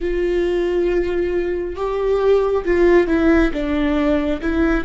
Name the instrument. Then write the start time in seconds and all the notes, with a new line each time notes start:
viola
0.00 F4
1.76 G4
2.65 F4
3.07 E4
3.52 D4
4.41 E4